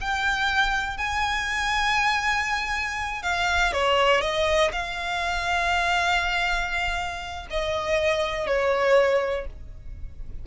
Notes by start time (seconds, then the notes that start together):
0.00 G5
0.97 G#5
3.22 F5
3.72 C#5
4.21 D#5
4.72 F5
7.50 D#5
8.46 C#5